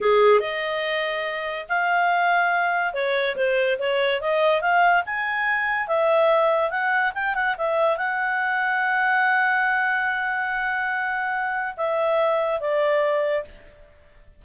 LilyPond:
\new Staff \with { instrumentName = "clarinet" } { \time 4/4 \tempo 4 = 143 gis'4 dis''2. | f''2. cis''4 | c''4 cis''4 dis''4 f''4 | gis''2 e''2 |
fis''4 g''8 fis''8 e''4 fis''4~ | fis''1~ | fis''1 | e''2 d''2 | }